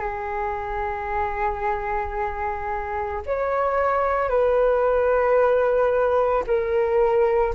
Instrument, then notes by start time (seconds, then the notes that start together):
flute
0.00 G#4
3.26 C#5
4.29 B4
6.47 A#4